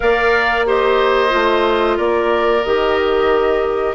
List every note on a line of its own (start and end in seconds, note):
0.00 1.33 A#3
0.00 0.66 A#4
0.00 0.66 D5
0.00 0.66 F5
0.66 1.29 G4
0.66 1.97 C5
0.66 1.98 D#5
1.29 1.98 A3
1.29 2.61 F4
1.97 2.63 A#3
1.97 3.94 A#4
1.97 2.63 D5
2.63 3.94 D#3
2.63 3.94 G4
2.63 3.94 D#5